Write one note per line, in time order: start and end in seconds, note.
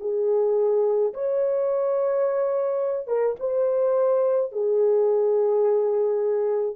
0.00 1.13 G#4
1.14 3.07 C#5
3.07 3.36 A#4
3.40 4.52 C5
4.52 6.76 G#4